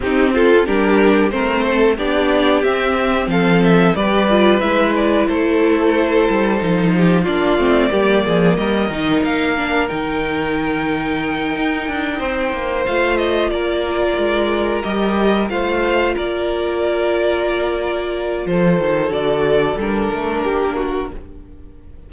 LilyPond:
<<
  \new Staff \with { instrumentName = "violin" } { \time 4/4 \tempo 4 = 91 g'8 a'8 ais'4 c''4 d''4 | e''4 f''8 e''8 d''4 e''8 d''8 | c''2. d''4~ | d''4 dis''4 f''4 g''4~ |
g''2.~ g''8 f''8 | dis''8 d''2 dis''4 f''8~ | f''8 d''2.~ d''8 | c''4 d''4 ais'2 | }
  \new Staff \with { instrumentName = "violin" } { \time 4/4 dis'8 f'8 g'4 ais'8 a'8 g'4~ | g'4 a'4 b'2 | a'2~ a'8 g'8 f'4 | g'8 gis'8 ais'2.~ |
ais'2~ ais'8 c''4.~ | c''8 ais'2. c''8~ | c''8 ais'2.~ ais'8 | a'2. g'8 fis'8 | }
  \new Staff \with { instrumentName = "viola" } { \time 4/4 c'4 d'4 c'4 d'4 | c'2 g'8 f'8 e'4~ | e'2 dis'4 d'8 c'8 | ais4. dis'4 d'8 dis'4~ |
dis'2.~ dis'8 f'8~ | f'2~ f'8 g'4 f'8~ | f'1~ | f'4 fis'4 d'2 | }
  \new Staff \with { instrumentName = "cello" } { \time 4/4 c'4 g4 a4 b4 | c'4 f4 g4 gis4 | a4. g8 f4 ais8 a8 | g8 f8 g8 dis8 ais4 dis4~ |
dis4. dis'8 d'8 c'8 ais8 a8~ | a8 ais4 gis4 g4 a8~ | a8 ais2.~ ais8 | f8 dis8 d4 g8 a8 ais4 | }
>>